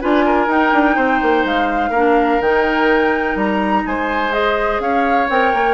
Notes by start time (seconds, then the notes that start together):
0.00 D4 F4 B4 G#5
0.25 A#4
0.47 D#4 G5
0.72 D4
0.96 C4 C5
1.22 A#3
1.44 G#3 F5
1.90 A#3 D4 A#4
2.41 D#3 D#4 G5
3.35 G3 A#5
3.86 G#3 C5 G#5
4.31 G#4 D#5
4.79 C#4 C#5 F5
5.29 C4 A#4 G5
5.54 A#3